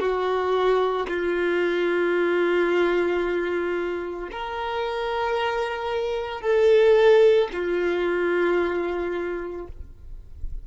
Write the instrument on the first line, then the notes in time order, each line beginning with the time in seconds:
violin
0.00 F#4
1.08 F4
4.32 A#4
6.41 A4
7.53 F4